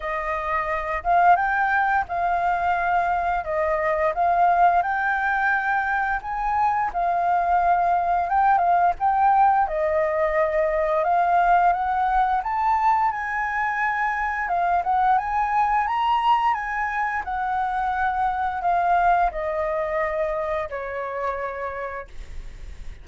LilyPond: \new Staff \with { instrumentName = "flute" } { \time 4/4 \tempo 4 = 87 dis''4. f''8 g''4 f''4~ | f''4 dis''4 f''4 g''4~ | g''4 gis''4 f''2 | g''8 f''8 g''4 dis''2 |
f''4 fis''4 a''4 gis''4~ | gis''4 f''8 fis''8 gis''4 ais''4 | gis''4 fis''2 f''4 | dis''2 cis''2 | }